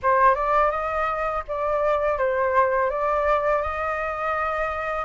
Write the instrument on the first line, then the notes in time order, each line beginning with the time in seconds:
flute
0.02 C5
0.34 D5
0.70 D#5
1.48 D5
2.18 C5
2.89 D5
3.62 D#5